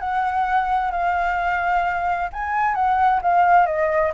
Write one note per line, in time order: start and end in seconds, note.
0.00 0.91 F#5
0.91 2.30 F5
2.33 2.75 G#5
2.75 3.21 F#5
3.22 3.67 F5
3.67 4.13 D#5